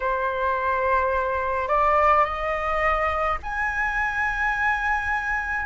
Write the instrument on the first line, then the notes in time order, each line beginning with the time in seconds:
flute
0.00 C5
1.68 D5
2.24 D#5
3.42 G#5